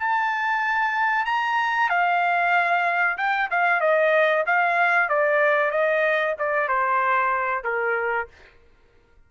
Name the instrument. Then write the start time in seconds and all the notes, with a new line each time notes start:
trumpet
0.00 A5
1.26 A#5
1.90 F5
3.18 G5
3.51 F5
3.81 D#5
4.47 F5
5.09 D5
5.72 D#5
6.39 D5
6.69 C5
7.65 A#4